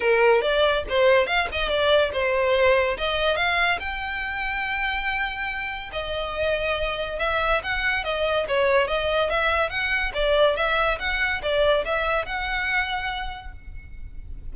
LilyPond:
\new Staff \with { instrumentName = "violin" } { \time 4/4 \tempo 4 = 142 ais'4 d''4 c''4 f''8 dis''8 | d''4 c''2 dis''4 | f''4 g''2.~ | g''2 dis''2~ |
dis''4 e''4 fis''4 dis''4 | cis''4 dis''4 e''4 fis''4 | d''4 e''4 fis''4 d''4 | e''4 fis''2. | }